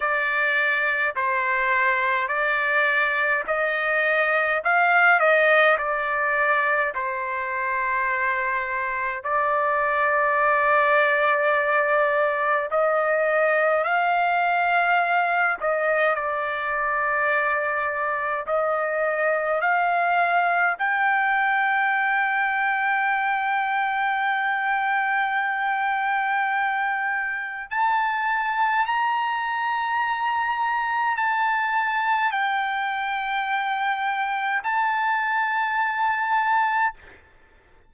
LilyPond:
\new Staff \with { instrumentName = "trumpet" } { \time 4/4 \tempo 4 = 52 d''4 c''4 d''4 dis''4 | f''8 dis''8 d''4 c''2 | d''2. dis''4 | f''4. dis''8 d''2 |
dis''4 f''4 g''2~ | g''1 | a''4 ais''2 a''4 | g''2 a''2 | }